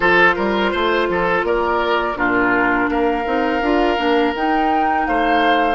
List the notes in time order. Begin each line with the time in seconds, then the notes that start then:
0.00 F3 F4 A4 C5
0.35 G3 A#4
0.71 A3 C5
1.09 F3 A4
1.43 A#3 A#4 D5
2.15 A#2 D4 F4 A#4
2.89 A#3 A#4 F5
3.25 C4 D#4
3.61 D4 F4
3.97 A#3 D4
4.34 D#4 G5
5.06 A3 C5 F5